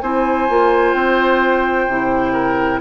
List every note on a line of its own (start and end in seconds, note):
0.00 0.48 C4
0.00 0.49 E4
0.00 2.32 C5
0.00 0.93 G#5
0.49 0.93 A#3
0.49 1.89 F4
0.93 1.87 C4
0.93 2.80 G5
1.87 2.80 C3
1.87 2.80 E4
2.32 2.79 A#4